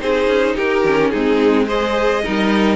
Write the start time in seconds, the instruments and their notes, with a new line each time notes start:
0.00 cello C4, viola D#4, violin G#4 C5
0.27 cello C#4
0.55 cello D#4, violin G4 A#4
0.84 cello D#3, viola C#4
1.11 cello G#3, viola C4, violin D#4 G#4
1.67 viola G#4, violin C5 D#5
2.24 cello G3, viola D#4, violin A#4